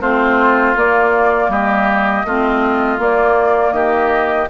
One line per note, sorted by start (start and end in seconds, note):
0.00 0.75 A3
0.00 0.76 C4
0.00 1.50 F4
0.00 0.76 C5
0.76 1.48 A#3
0.76 2.27 A#3
0.76 1.50 D5
1.48 2.23 G3
1.48 2.26 G4
1.48 3.00 D#5
2.25 2.98 A3
2.25 2.98 C4
2.25 3.74 F4
2.98 4.48 A#3
2.98 3.72 A#3
2.98 3.72 D5
3.72 4.47 D#3
3.72 4.49 G4
3.72 4.47 D#5